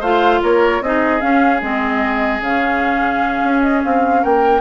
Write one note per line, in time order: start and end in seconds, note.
0.00 0.41 A3
0.00 0.83 F4
0.00 0.40 C5
0.00 0.42 F5
0.43 0.81 A#3
0.43 0.83 A#4
0.43 0.83 C#5
0.81 1.21 C4
0.81 1.20 D#4
0.81 4.22 G#4
0.81 1.21 D#5
1.20 1.60 C#4
1.20 1.61 C#4
1.20 1.61 F5
1.61 2.41 G#3
1.61 2.42 C4
1.61 2.42 D#5
2.41 3.41 C#3
2.41 4.61 C#4
2.41 3.62 F5
3.44 3.84 C#4
3.62 3.82 D#5
3.84 4.25 C4
3.84 4.24 F5
4.22 4.61 A#3
4.22 4.61 A#4
4.22 4.61 G5